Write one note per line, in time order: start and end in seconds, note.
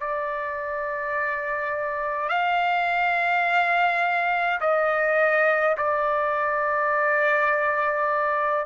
0.00 2.29 D5
2.29 4.59 F5
4.60 5.76 D#5
5.77 8.65 D5